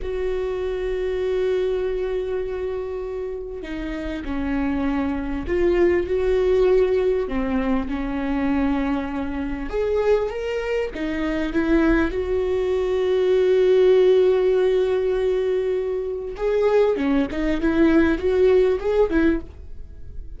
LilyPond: \new Staff \with { instrumentName = "viola" } { \time 4/4 \tempo 4 = 99 fis'1~ | fis'2 dis'4 cis'4~ | cis'4 f'4 fis'2 | c'4 cis'2. |
gis'4 ais'4 dis'4 e'4 | fis'1~ | fis'2. gis'4 | cis'8 dis'8 e'4 fis'4 gis'8 e'8 | }